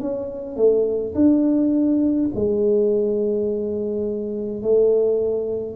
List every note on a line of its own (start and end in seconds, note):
0.00 0.56 C#4
0.56 1.14 A3
1.15 2.30 D4
2.34 4.62 G#3
4.62 5.76 A3